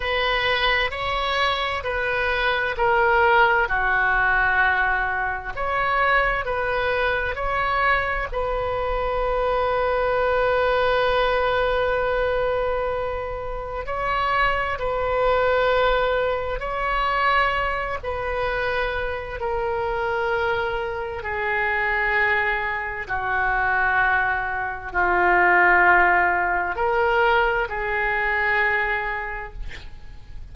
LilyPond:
\new Staff \with { instrumentName = "oboe" } { \time 4/4 \tempo 4 = 65 b'4 cis''4 b'4 ais'4 | fis'2 cis''4 b'4 | cis''4 b'2.~ | b'2. cis''4 |
b'2 cis''4. b'8~ | b'4 ais'2 gis'4~ | gis'4 fis'2 f'4~ | f'4 ais'4 gis'2 | }